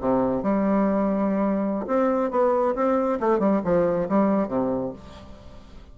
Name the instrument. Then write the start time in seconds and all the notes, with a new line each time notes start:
bassoon
0.00 C3
0.42 G3
1.86 C4
2.30 B3
2.75 C4
3.20 A3
3.39 G3
3.64 F3
4.08 G3
4.48 C3